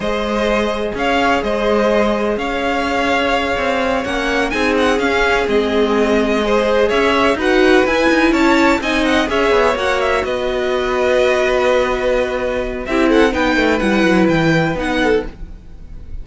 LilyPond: <<
  \new Staff \with { instrumentName = "violin" } { \time 4/4 \tempo 4 = 126 dis''2 f''4 dis''4~ | dis''4 f''2.~ | f''8 fis''4 gis''8 fis''8 f''4 dis''8~ | dis''2~ dis''8 e''4 fis''8~ |
fis''8 gis''4 a''4 gis''8 fis''8 e''8~ | e''8 fis''8 e''8 dis''2~ dis''8~ | dis''2. e''8 fis''8 | g''4 fis''4 g''4 fis''4 | }
  \new Staff \with { instrumentName = "violin" } { \time 4/4 c''2 cis''4 c''4~ | c''4 cis''2.~ | cis''4. gis'2~ gis'8~ | gis'4. c''4 cis''4 b'8~ |
b'4. cis''4 dis''4 cis''8~ | cis''4. b'2~ b'8~ | b'2. g'8 a'8 | b'2.~ b'8 a'8 | }
  \new Staff \with { instrumentName = "viola" } { \time 4/4 gis'1~ | gis'1~ | gis'8 cis'4 dis'4 cis'4 c'8~ | c'4. gis'2 fis'8~ |
fis'8 e'2 dis'4 gis'8~ | gis'8 fis'2.~ fis'8~ | fis'2. e'4 | dis'4 e'2 dis'4 | }
  \new Staff \with { instrumentName = "cello" } { \time 4/4 gis2 cis'4 gis4~ | gis4 cis'2~ cis'8 c'8~ | c'8 ais4 c'4 cis'4 gis8~ | gis2~ gis8 cis'4 dis'8~ |
dis'8 e'8 dis'8 cis'4 c'4 cis'8 | b8 ais4 b2~ b8~ | b2. c'4 | b8 a8 g8 fis8 e4 b4 | }
>>